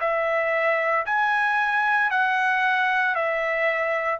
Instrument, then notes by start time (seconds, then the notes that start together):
trumpet
0.00 E5
1.06 G#5
2.10 F#5
3.15 E5